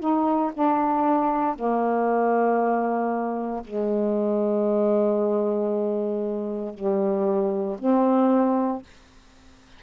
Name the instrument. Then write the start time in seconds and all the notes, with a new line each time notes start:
saxophone
0.00 D#4
0.54 D4
1.56 A#3
3.65 G#3
6.74 G3
7.80 C4